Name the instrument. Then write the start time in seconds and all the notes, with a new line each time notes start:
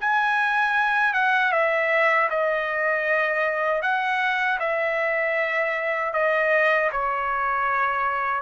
trumpet
0.00 G#5
1.13 F#5
1.52 E5
2.29 D#5
3.82 F#5
4.59 E5
6.13 D#5
6.92 C#5